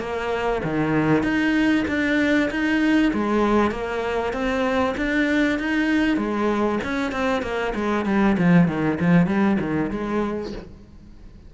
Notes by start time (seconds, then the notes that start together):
0.00 A#3
0.64 D#3
1.23 D#4
1.88 D4
2.51 D#4
3.14 G#3
3.71 A#3
4.33 C4
4.97 D4
5.59 D#4
6.17 G#3
6.84 C#4
7.12 C4
7.43 A#3
7.75 G#3
8.06 G3
8.38 F3
8.68 D#3
9.00 F3
9.27 G3
9.60 D#3
9.91 G#3